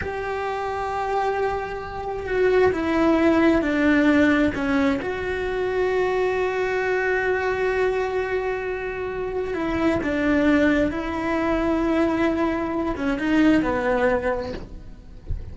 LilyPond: \new Staff \with { instrumentName = "cello" } { \time 4/4 \tempo 4 = 132 g'1~ | g'4 fis'4 e'2 | d'2 cis'4 fis'4~ | fis'1~ |
fis'1~ | fis'4 e'4 d'2 | e'1~ | e'8 cis'8 dis'4 b2 | }